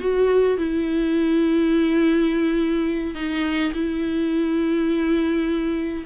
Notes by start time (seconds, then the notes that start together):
0.00 F#4
0.58 E4
3.15 D#4
3.74 E4